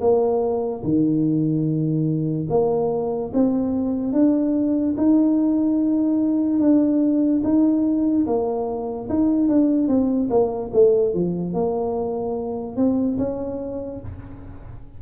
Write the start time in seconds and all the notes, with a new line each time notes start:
0.00 A#3
0.83 D#3
2.50 A#3
3.33 C4
4.12 D4
4.97 D#4
6.59 D4
7.43 D#4
8.26 A#3
9.09 D#4
9.48 D4
9.87 C4
10.30 A#3
10.73 A3
11.14 F3
11.53 A#3
12.76 C4
13.18 C#4